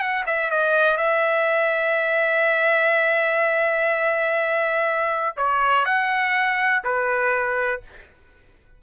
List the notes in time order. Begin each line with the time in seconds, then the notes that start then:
0.00 F#5
0.27 E5
0.51 D#5
0.98 E5
5.37 C#5
5.85 F#5
6.84 B4